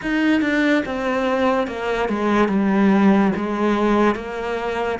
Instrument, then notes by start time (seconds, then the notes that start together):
cello
0.02 D#4
0.41 D4
0.85 C4
1.67 A#3
2.08 G#3
2.48 G3
3.36 G#3
4.15 A#3